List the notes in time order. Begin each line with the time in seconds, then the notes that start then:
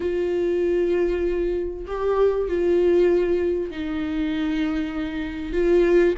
0.00 F4
1.86 G4
2.48 F4
3.71 D#4
5.52 F4